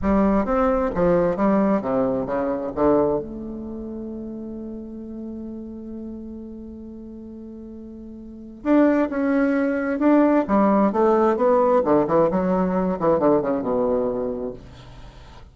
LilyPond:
\new Staff \with { instrumentName = "bassoon" } { \time 4/4 \tempo 4 = 132 g4 c'4 f4 g4 | c4 cis4 d4 a4~ | a1~ | a1~ |
a2. d'4 | cis'2 d'4 g4 | a4 b4 d8 e8 fis4~ | fis8 e8 d8 cis8 b,2 | }